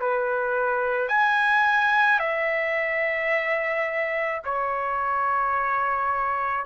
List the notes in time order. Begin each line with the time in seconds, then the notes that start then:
0.00 B4
1.09 G#5
2.19 E5
4.44 C#5